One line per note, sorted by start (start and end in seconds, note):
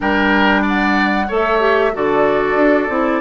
0.00 1.30 G3
0.00 1.27 D4
0.00 0.62 A#4
0.00 0.65 G5
0.62 1.26 D5
0.62 1.32 F#5
1.27 1.94 A3
1.27 1.59 A4
1.27 1.92 C#5
1.27 1.95 E5
1.59 1.91 G4
1.93 2.54 D3
1.93 2.89 F#4
1.93 3.21 A4
1.93 3.21 D5
2.54 2.87 D4
2.89 3.21 C4
2.89 3.21 E4